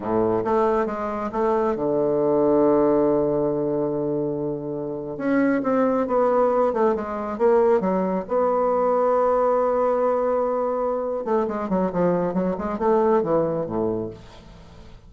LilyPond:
\new Staff \with { instrumentName = "bassoon" } { \time 4/4 \tempo 4 = 136 a,4 a4 gis4 a4 | d1~ | d2.~ d8. cis'16~ | cis'8. c'4 b4. a8 gis16~ |
gis8. ais4 fis4 b4~ b16~ | b1~ | b4. a8 gis8 fis8 f4 | fis8 gis8 a4 e4 a,4 | }